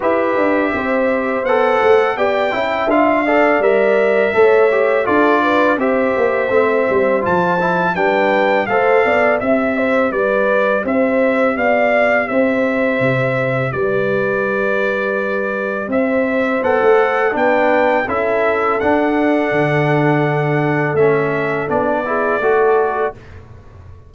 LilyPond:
<<
  \new Staff \with { instrumentName = "trumpet" } { \time 4/4 \tempo 4 = 83 e''2 fis''4 g''4 | f''4 e''2 d''4 | e''2 a''4 g''4 | f''4 e''4 d''4 e''4 |
f''4 e''2 d''4~ | d''2 e''4 fis''4 | g''4 e''4 fis''2~ | fis''4 e''4 d''2 | }
  \new Staff \with { instrumentName = "horn" } { \time 4/4 b'4 c''2 d''8 e''8~ | e''8 d''4. cis''4 a'8 b'8 | c''2. b'4 | c''8 d''8 e''8 c''8 b'4 c''4 |
d''4 c''2 b'4~ | b'2 c''2 | b'4 a'2.~ | a'2~ a'8 gis'8 a'4 | }
  \new Staff \with { instrumentName = "trombone" } { \time 4/4 g'2 a'4 g'8 e'8 | f'8 a'8 ais'4 a'8 g'8 f'4 | g'4 c'4 f'8 e'8 d'4 | a'4 g'2.~ |
g'1~ | g'2. a'4 | d'4 e'4 d'2~ | d'4 cis'4 d'8 e'8 fis'4 | }
  \new Staff \with { instrumentName = "tuba" } { \time 4/4 e'8 d'8 c'4 b8 a8 b8 cis'8 | d'4 g4 a4 d'4 | c'8 ais8 a8 g8 f4 g4 | a8 b8 c'4 g4 c'4 |
b4 c'4 c4 g4~ | g2 c'4 b16 a8. | b4 cis'4 d'4 d4~ | d4 a4 b4 a4 | }
>>